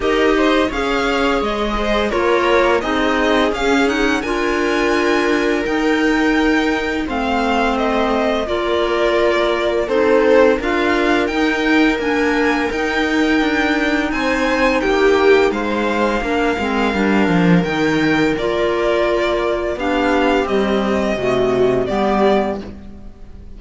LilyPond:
<<
  \new Staff \with { instrumentName = "violin" } { \time 4/4 \tempo 4 = 85 dis''4 f''4 dis''4 cis''4 | dis''4 f''8 fis''8 gis''2 | g''2 f''4 dis''4 | d''2 c''4 f''4 |
g''4 gis''4 g''2 | gis''4 g''4 f''2~ | f''4 g''4 d''2 | f''4 dis''2 d''4 | }
  \new Staff \with { instrumentName = "viola" } { \time 4/4 ais'8 c''8 cis''4. c''8 ais'4 | gis'2 ais'2~ | ais'2 c''2 | ais'2 a'4 ais'4~ |
ais'1 | c''4 g'4 c''4 ais'4~ | ais'1 | g'2 fis'4 g'4 | }
  \new Staff \with { instrumentName = "clarinet" } { \time 4/4 g'4 gis'2 f'4 | dis'4 cis'8 dis'8 f'2 | dis'2 c'2 | f'2 dis'4 f'4 |
dis'4 d'4 dis'2~ | dis'2. d'8 c'8 | d'4 dis'4 f'2 | d'4 g4 a4 b4 | }
  \new Staff \with { instrumentName = "cello" } { \time 4/4 dis'4 cis'4 gis4 ais4 | c'4 cis'4 d'2 | dis'2 a2 | ais2 c'4 d'4 |
dis'4 ais4 dis'4 d'4 | c'4 ais4 gis4 ais8 gis8 | g8 f8 dis4 ais2 | b4 c'4 c4 g4 | }
>>